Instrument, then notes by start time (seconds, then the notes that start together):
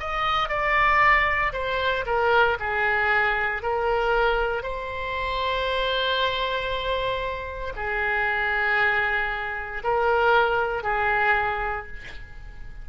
oboe
0.00 D#5
0.49 D5
1.53 C5
2.06 A#4
2.60 G#4
3.63 A#4
4.63 C5
7.76 G#4
9.84 A#4
10.84 G#4